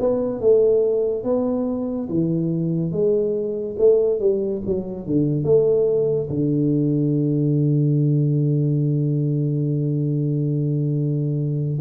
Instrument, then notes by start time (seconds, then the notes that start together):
tuba
0.00 B3
0.41 A3
1.24 B3
2.10 E3
2.92 G#3
3.79 A3
4.20 G3
4.66 F#3
5.06 D3
5.44 A3
6.30 D3